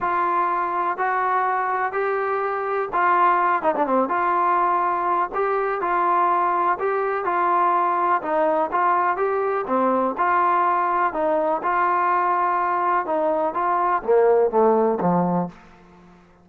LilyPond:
\new Staff \with { instrumentName = "trombone" } { \time 4/4 \tempo 4 = 124 f'2 fis'2 | g'2 f'4. dis'16 d'16 | c'8 f'2~ f'8 g'4 | f'2 g'4 f'4~ |
f'4 dis'4 f'4 g'4 | c'4 f'2 dis'4 | f'2. dis'4 | f'4 ais4 a4 f4 | }